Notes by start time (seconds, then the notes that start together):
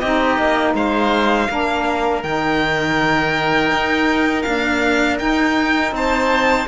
0.00 C4 D#4 G4 D#5
0.39 A#3
0.74 G#3 C5 F5
1.49 A#3 D4 A#4
2.23 D#3 D#4 G5
3.71 D#4
4.43 A#3 D4 F5
5.19 D#4 G5
5.92 C4 C5 A5